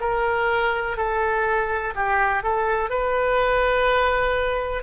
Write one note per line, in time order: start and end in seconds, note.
0.00 0.97 A#4
0.97 1.94 A4
1.95 2.43 G4
2.43 2.89 A4
2.89 4.83 B4